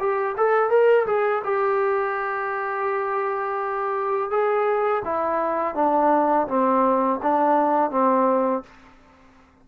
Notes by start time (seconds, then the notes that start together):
0.00 G4
0.38 A4
0.71 A#4
1.07 G#4
1.45 G4
4.31 G#4
5.05 E4
5.75 D4
6.48 C4
7.23 D4
7.91 C4